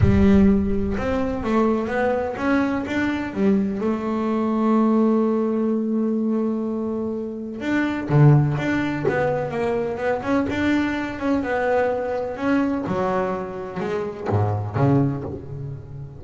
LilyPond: \new Staff \with { instrumentName = "double bass" } { \time 4/4 \tempo 4 = 126 g2 c'4 a4 | b4 cis'4 d'4 g4 | a1~ | a1 |
d'4 d4 d'4 b4 | ais4 b8 cis'8 d'4. cis'8 | b2 cis'4 fis4~ | fis4 gis4 gis,4 cis4 | }